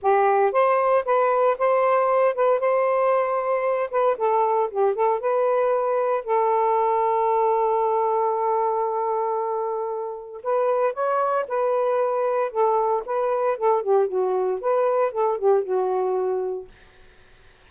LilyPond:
\new Staff \with { instrumentName = "saxophone" } { \time 4/4 \tempo 4 = 115 g'4 c''4 b'4 c''4~ | c''8 b'8 c''2~ c''8 b'8 | a'4 g'8 a'8 b'2 | a'1~ |
a'1 | b'4 cis''4 b'2 | a'4 b'4 a'8 g'8 fis'4 | b'4 a'8 g'8 fis'2 | }